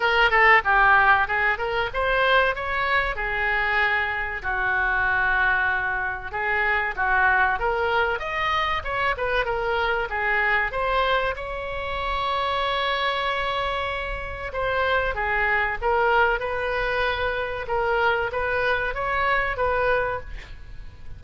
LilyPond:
\new Staff \with { instrumentName = "oboe" } { \time 4/4 \tempo 4 = 95 ais'8 a'8 g'4 gis'8 ais'8 c''4 | cis''4 gis'2 fis'4~ | fis'2 gis'4 fis'4 | ais'4 dis''4 cis''8 b'8 ais'4 |
gis'4 c''4 cis''2~ | cis''2. c''4 | gis'4 ais'4 b'2 | ais'4 b'4 cis''4 b'4 | }